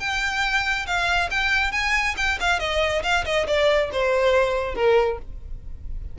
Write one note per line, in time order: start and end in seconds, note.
0.00 0.86 G5
0.87 1.30 F5
1.31 1.72 G5
1.72 2.15 G#5
2.17 2.39 G5
2.40 2.59 F5
2.59 3.03 D#5
3.03 3.25 F5
3.25 3.47 D#5
3.47 3.90 D5
3.92 4.75 C5
4.75 5.18 A#4